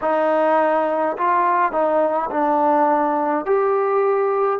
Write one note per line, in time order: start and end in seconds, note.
0.01 1.16 D#4
1.17 1.72 F4
1.72 2.29 D#4
2.31 3.45 D4
3.45 4.59 G4